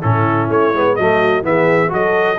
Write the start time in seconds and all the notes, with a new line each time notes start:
0.00 A2 C#4 E4 A4
0.50 A3 C#5
0.73 G#3 B3
0.96 F#3 A3 F#4 D#5
1.43 E3 B3 G#4 E5
1.89 F#3 F#4 A4 D#5